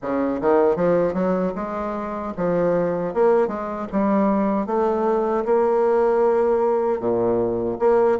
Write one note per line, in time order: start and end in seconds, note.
0.01 0.40 C#3
0.41 0.76 D#3
0.76 1.13 F3
1.13 1.52 F#3
1.55 2.33 G#3
2.37 3.14 F3
3.14 3.47 A#3
3.47 3.86 G#3
3.92 4.66 G3
4.66 5.44 A3
5.45 7.00 A#3
7.00 7.77 A#2
7.79 8.18 A#3